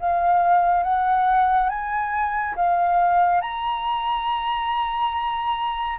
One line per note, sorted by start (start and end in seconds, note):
0.00 0.83 F5
0.83 1.69 F#5
1.69 2.55 G#5
2.56 3.41 F5
3.42 5.99 A#5